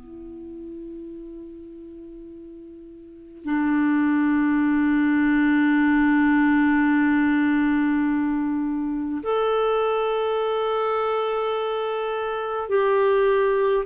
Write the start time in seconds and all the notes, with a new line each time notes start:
0.00 E4
3.45 D4
9.23 A4
12.69 G4